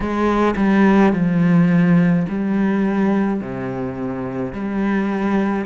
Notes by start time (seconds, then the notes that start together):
0.00 G#3
0.56 G3
1.12 F3
2.28 G3
3.41 C3
4.52 G3